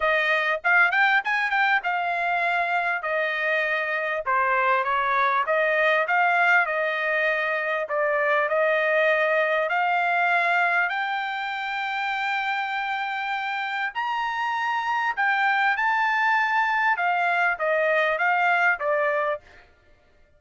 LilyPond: \new Staff \with { instrumentName = "trumpet" } { \time 4/4 \tempo 4 = 99 dis''4 f''8 g''8 gis''8 g''8 f''4~ | f''4 dis''2 c''4 | cis''4 dis''4 f''4 dis''4~ | dis''4 d''4 dis''2 |
f''2 g''2~ | g''2. ais''4~ | ais''4 g''4 a''2 | f''4 dis''4 f''4 d''4 | }